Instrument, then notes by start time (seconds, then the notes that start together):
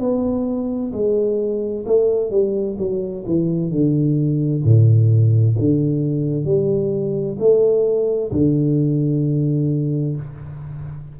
tuba
0.00 B3
0.93 G#3
1.86 A3
2.31 G3
2.79 F#3
3.26 E3
3.71 D3
4.64 A2
5.58 D3
6.45 G3
7.39 A3
8.32 D3